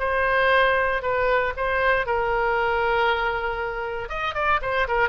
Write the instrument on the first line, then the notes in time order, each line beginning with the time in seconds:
oboe
0.00 C5
1.03 B4
1.57 C5
2.07 A#4
4.09 D#5
4.35 D5
4.62 C5
4.88 A#4